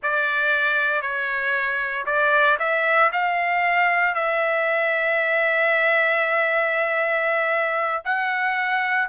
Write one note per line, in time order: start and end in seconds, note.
0.02 1.01 D5
1.01 2.05 C#5
2.05 2.57 D5
2.59 3.10 E5
3.12 4.14 F5
4.14 8.02 E5
8.05 9.08 F#5